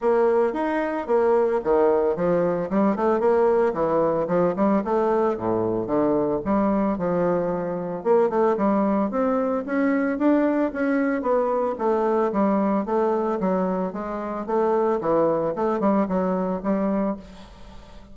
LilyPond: \new Staff \with { instrumentName = "bassoon" } { \time 4/4 \tempo 4 = 112 ais4 dis'4 ais4 dis4 | f4 g8 a8 ais4 e4 | f8 g8 a4 a,4 d4 | g4 f2 ais8 a8 |
g4 c'4 cis'4 d'4 | cis'4 b4 a4 g4 | a4 fis4 gis4 a4 | e4 a8 g8 fis4 g4 | }